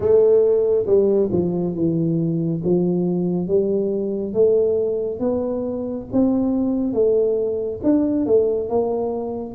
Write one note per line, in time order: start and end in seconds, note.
0.00 0.85 A3
0.86 1.29 G3
1.32 1.74 F3
1.74 2.61 E3
2.63 3.47 F3
3.47 4.33 G3
4.33 5.19 A3
5.19 6.06 B3
6.12 6.93 C4
6.93 7.80 A3
7.83 8.26 D4
8.26 8.69 A3
8.69 9.54 A#3